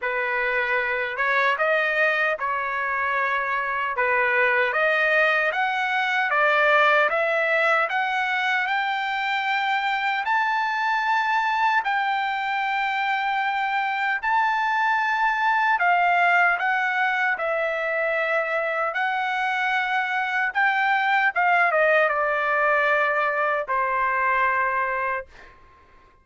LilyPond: \new Staff \with { instrumentName = "trumpet" } { \time 4/4 \tempo 4 = 76 b'4. cis''8 dis''4 cis''4~ | cis''4 b'4 dis''4 fis''4 | d''4 e''4 fis''4 g''4~ | g''4 a''2 g''4~ |
g''2 a''2 | f''4 fis''4 e''2 | fis''2 g''4 f''8 dis''8 | d''2 c''2 | }